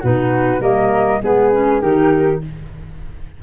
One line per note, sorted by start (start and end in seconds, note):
0.00 0.61 B2
0.00 0.60 D#4
0.00 0.60 F#4
0.00 0.62 B4
0.60 1.21 G3
0.60 1.20 A#3
0.60 1.20 A#4
0.60 1.22 D#5
1.22 1.83 G#3
1.22 1.52 B3
1.22 1.81 G#4
1.22 1.81 B4
1.52 1.81 C#4
1.81 2.43 D#3
1.81 2.41 D#4
1.81 2.41 G4
1.81 2.41 A#4